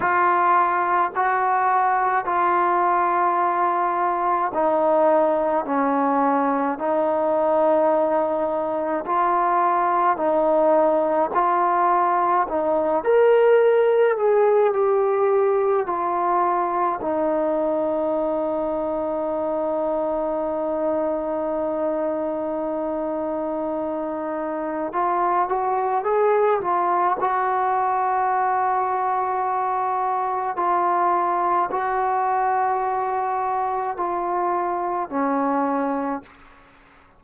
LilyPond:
\new Staff \with { instrumentName = "trombone" } { \time 4/4 \tempo 4 = 53 f'4 fis'4 f'2 | dis'4 cis'4 dis'2 | f'4 dis'4 f'4 dis'8 ais'8~ | ais'8 gis'8 g'4 f'4 dis'4~ |
dis'1~ | dis'2 f'8 fis'8 gis'8 f'8 | fis'2. f'4 | fis'2 f'4 cis'4 | }